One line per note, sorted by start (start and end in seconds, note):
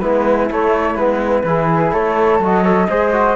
0.00 0.50 G#3
0.00 0.49 B3
0.00 1.45 E4
0.00 0.48 B4
0.50 0.98 A3
0.50 0.95 A3
0.50 0.96 C#5
0.95 1.43 G#3
0.95 1.45 B3
0.95 1.92 B4
1.44 1.92 E3
1.44 2.41 E4
1.44 1.93 G#4
1.92 2.39 A3
1.92 2.63 A4
1.92 2.41 C#5
2.39 2.87 F#3
2.39 2.64 F#4
2.39 3.36 D#5
2.63 2.88 A4
2.63 2.87 C#5
2.90 3.36 G#3
2.90 3.12 G#4
2.90 3.36 C5
3.12 3.36 F#4